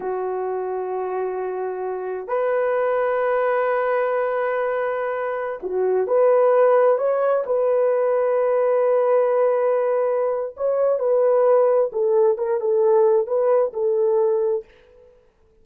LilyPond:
\new Staff \with { instrumentName = "horn" } { \time 4/4 \tempo 4 = 131 fis'1~ | fis'4 b'2.~ | b'1~ | b'16 fis'4 b'2 cis''8.~ |
cis''16 b'2.~ b'8.~ | b'2. cis''4 | b'2 a'4 ais'8 a'8~ | a'4 b'4 a'2 | }